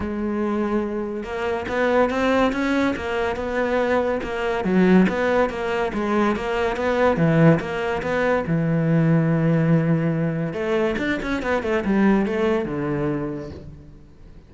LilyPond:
\new Staff \with { instrumentName = "cello" } { \time 4/4 \tempo 4 = 142 gis2. ais4 | b4 c'4 cis'4 ais4 | b2 ais4 fis4 | b4 ais4 gis4 ais4 |
b4 e4 ais4 b4 | e1~ | e4 a4 d'8 cis'8 b8 a8 | g4 a4 d2 | }